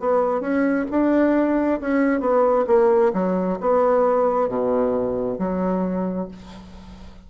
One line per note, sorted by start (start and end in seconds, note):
0.00 0.41 B3
0.41 0.85 C#4
0.91 1.80 D4
1.81 2.20 C#4
2.20 2.65 B3
2.67 3.12 A#3
3.13 3.58 F#3
3.61 4.49 B3
4.49 5.39 B2
5.39 6.28 F#3